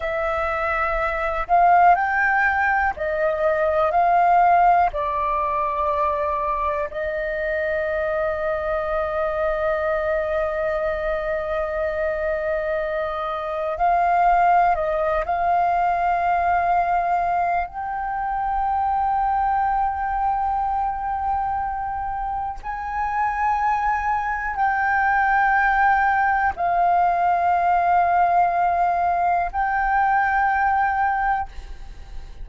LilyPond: \new Staff \with { instrumentName = "flute" } { \time 4/4 \tempo 4 = 61 e''4. f''8 g''4 dis''4 | f''4 d''2 dis''4~ | dis''1~ | dis''2 f''4 dis''8 f''8~ |
f''2 g''2~ | g''2. gis''4~ | gis''4 g''2 f''4~ | f''2 g''2 | }